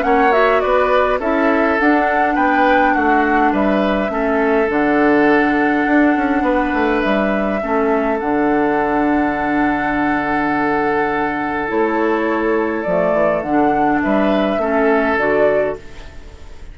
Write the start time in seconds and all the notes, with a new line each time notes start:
0.00 A#3 C#4 C#5 F#5
0.32 F#4 E5
0.60 B3 B4 D5
1.19 C#4 E4 A4 E5
1.79 D4 F#5
2.34 B3 B4 G5
2.94 A3 F#4 F#5
3.52 G3 B4 E5
4.08 A3 C#4 A4
4.67 D3 D4 F#5
5.86 D4
6.16 C#4
6.42 B3 B4
6.74 A3
7.01 G3 E5
7.62 A3 C#4 A4
8.19 D3 D4 F#5
11.68 A3 E4 C#5
12.82 F3 A3 D5
13.12 E3
13.41 D3 D4 F#5
14.02 G3 B4 E5
14.57 A3 C#4 A4
15.17 D3 F#4 D5